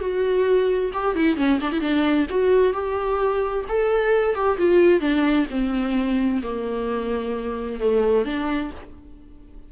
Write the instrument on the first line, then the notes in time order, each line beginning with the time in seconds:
viola
0.00 F#4
0.93 G4
1.16 E4
1.36 C#4
1.61 D4
1.72 E4
1.80 D4
2.30 F#4
2.73 G4
3.68 A4
4.35 G4
4.58 F4
5.00 D4
5.50 C4
6.43 A#3
7.80 A3
8.25 D4